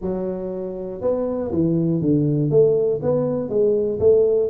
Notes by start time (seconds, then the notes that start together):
0.01 F#3
1.01 B3
1.51 E3
2.01 D3
2.50 A3
3.02 B3
3.49 G#3
3.99 A3